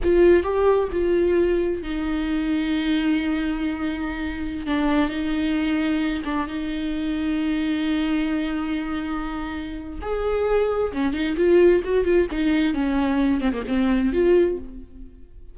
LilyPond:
\new Staff \with { instrumentName = "viola" } { \time 4/4 \tempo 4 = 132 f'4 g'4 f'2 | dis'1~ | dis'2~ dis'16 d'4 dis'8.~ | dis'4.~ dis'16 d'8 dis'4.~ dis'16~ |
dis'1~ | dis'2 gis'2 | cis'8 dis'8 f'4 fis'8 f'8 dis'4 | cis'4. c'16 ais16 c'4 f'4 | }